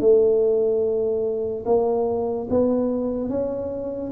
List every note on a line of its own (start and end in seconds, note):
0.00 1.64 A3
1.65 2.47 A#3
2.50 3.29 B3
3.29 4.11 C#4